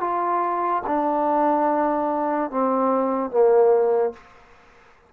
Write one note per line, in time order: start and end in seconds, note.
0.00 0.82 F4
0.86 2.51 D4
2.51 3.31 C4
3.31 4.13 A#3